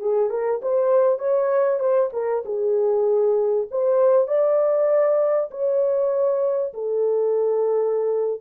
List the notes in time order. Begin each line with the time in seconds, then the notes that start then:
0.00 G#4
0.30 A#4
0.62 C5
1.19 C#5
1.79 C5
2.13 A#4
2.45 G#4
3.71 C5
4.28 D5
5.51 C#5
6.73 A4